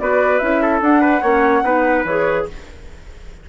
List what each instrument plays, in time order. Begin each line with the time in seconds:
0.00 bassoon B3, clarinet F#4, trumpet B4, flute D5
0.39 bassoon C#4, clarinet E4, flute E5
0.62 trumpet A4
0.82 bassoon D4, clarinet D4, flute F#5
1.02 trumpet B4
1.22 bassoon A#3, clarinet C#4, trumpet C#5
1.63 bassoon B3, clarinet D#4, trumpet B4
2.05 bassoon E3, clarinet G#4, flute C#5